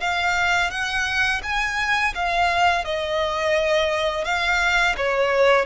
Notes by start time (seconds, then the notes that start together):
0.00 F5
0.70 F#5
1.43 G#5
2.14 F5
2.84 D#5
4.24 F5
4.97 C#5